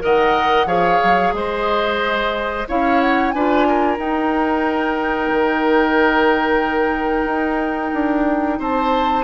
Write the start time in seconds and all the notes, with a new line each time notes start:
0.00 D#3 A#4 D#5 F#5
0.66 F3 G#4 C#5 F5
1.04 F#3
1.33 G#3 C5 D#5
2.68 C#4 E4 C#5 F5
3.01 F#5
3.30 D4 F4 B4 G#5
3.68 A#4
3.98 D#4 G5
5.31 D#3
7.25 D#4
7.94 D4
8.59 C4 C5 A5